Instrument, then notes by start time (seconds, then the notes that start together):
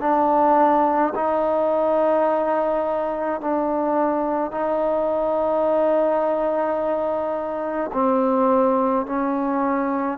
trombone
0.00 D4
1.15 D#4
3.41 D4
4.51 D#4
7.93 C4
9.06 C#4